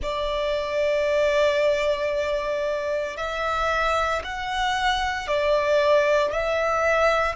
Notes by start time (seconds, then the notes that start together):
0.02 D5
3.16 E5
4.23 F#5
5.27 D5
6.32 E5